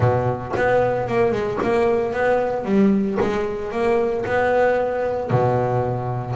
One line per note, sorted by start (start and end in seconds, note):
0.00 0.52 B2
0.56 1.08 B3
1.08 1.32 A#3
1.32 1.58 G#3
1.62 2.12 A#3
2.12 2.65 B3
2.65 3.18 G3
3.20 3.71 G#3
3.71 4.24 A#3
4.25 5.30 B3
5.30 6.35 B2